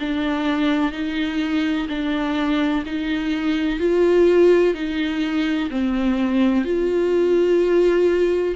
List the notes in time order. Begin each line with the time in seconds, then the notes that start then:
0.00 D4
0.92 D#4
1.89 D4
2.86 D#4
3.80 F4
4.74 D#4
5.70 C4
6.65 F4